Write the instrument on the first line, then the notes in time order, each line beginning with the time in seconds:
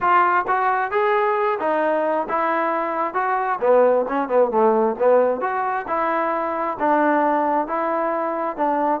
trombone
0.00 F4
0.47 F#4
0.91 G#4
1.59 D#4
2.28 E4
3.14 F#4
3.60 B3
4.08 C#4
4.28 B3
4.50 A3
4.98 B3
5.40 F#4
5.87 E4
6.79 D4
7.67 E4
8.57 D4